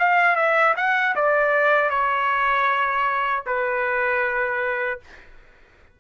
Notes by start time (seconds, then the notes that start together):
0.00 F5
0.36 E5
0.77 F#5
1.16 D5
1.90 C#5
3.47 B4